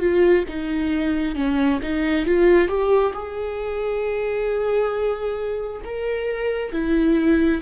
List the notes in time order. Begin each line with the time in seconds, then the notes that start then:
0.00 F4
0.49 D#4
1.36 C#4
1.82 D#4
2.26 F4
2.68 G4
3.13 G#4
5.85 A#4
6.72 E4